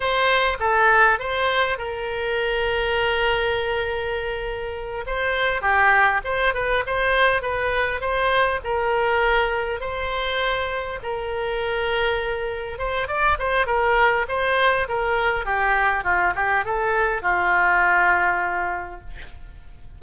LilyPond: \new Staff \with { instrumentName = "oboe" } { \time 4/4 \tempo 4 = 101 c''4 a'4 c''4 ais'4~ | ais'1~ | ais'8 c''4 g'4 c''8 b'8 c''8~ | c''8 b'4 c''4 ais'4.~ |
ais'8 c''2 ais'4.~ | ais'4. c''8 d''8 c''8 ais'4 | c''4 ais'4 g'4 f'8 g'8 | a'4 f'2. | }